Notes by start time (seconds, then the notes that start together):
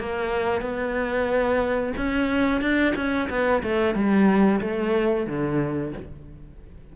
0.00 A#3
0.62 B3
1.97 C#4
2.62 D4
2.96 C#4
3.30 B3
3.63 A3
3.95 G3
4.62 A3
5.27 D3